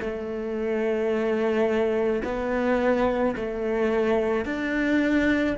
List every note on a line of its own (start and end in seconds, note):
0.00 2.22 A3
2.24 3.35 B3
3.35 4.45 A3
4.45 5.56 D4